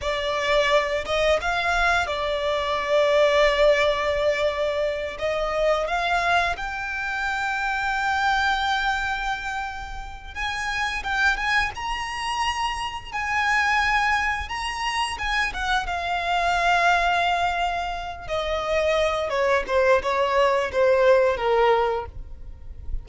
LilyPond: \new Staff \with { instrumentName = "violin" } { \time 4/4 \tempo 4 = 87 d''4. dis''8 f''4 d''4~ | d''2.~ d''8 dis''8~ | dis''8 f''4 g''2~ g''8~ | g''2. gis''4 |
g''8 gis''8 ais''2 gis''4~ | gis''4 ais''4 gis''8 fis''8 f''4~ | f''2~ f''8 dis''4. | cis''8 c''8 cis''4 c''4 ais'4 | }